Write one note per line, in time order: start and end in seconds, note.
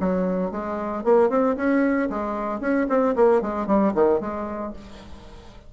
0.00 0.51 F#3
0.51 1.04 G#3
1.04 1.30 A#3
1.30 1.56 C4
1.56 2.09 C#4
2.09 2.60 G#3
2.60 2.87 C#4
2.89 3.15 C4
3.15 3.42 A#3
3.42 3.67 G#3
3.67 3.93 G3
3.94 4.20 D#3
4.20 4.73 G#3